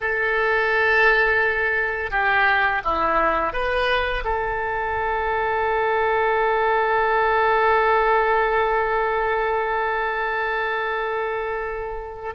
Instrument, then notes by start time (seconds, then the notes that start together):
oboe
0.00 A4
2.10 G4
2.84 E4
3.53 B4
4.24 A4